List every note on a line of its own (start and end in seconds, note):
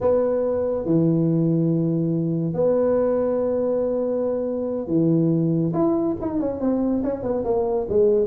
0.00 0.85 B3
0.85 2.53 E3
2.53 4.87 B3
4.87 5.72 E3
5.73 6.16 E4
6.21 6.39 D#4
6.39 6.60 C#4
6.60 7.03 C4
7.03 7.22 C#4
7.22 7.44 B3
7.44 7.87 A#3
7.89 8.27 G#3